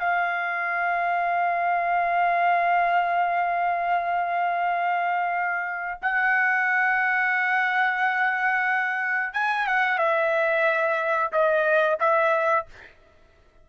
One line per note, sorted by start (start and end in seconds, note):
0.00 6.00 F5
6.02 9.34 F#5
9.34 9.67 G#5
9.68 9.99 F#5
9.99 11.32 E5
11.33 11.99 D#5
12.00 12.67 E5